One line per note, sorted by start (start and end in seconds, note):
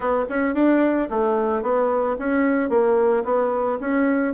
0.00 0.24 B3
0.29 0.54 C#4
0.54 1.08 D4
1.10 1.62 A3
1.62 2.16 B3
2.18 2.69 C#4
2.69 3.23 A#3
3.24 3.78 B3
3.80 4.34 C#4